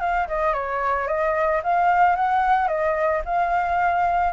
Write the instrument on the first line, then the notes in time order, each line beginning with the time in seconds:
flute
0.00 F5
0.28 D#5
0.53 C#5
1.07 D#5
1.63 F5
2.16 F#5
2.68 D#5
3.25 F5